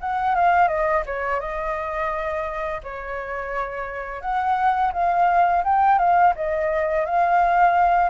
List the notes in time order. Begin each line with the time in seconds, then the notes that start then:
0.00 F#5
0.35 F5
0.68 D#5
1.06 C#5
1.40 D#5
2.83 C#5
4.21 F#5
4.93 F5
5.64 G5
5.98 F5
6.35 D#5
7.06 F5